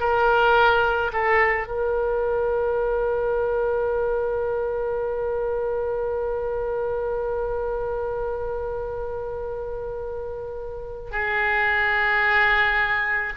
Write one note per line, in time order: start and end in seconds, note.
0.00 1.11 A#4
1.13 1.67 A4
1.67 11.11 A#4
11.11 13.33 G#4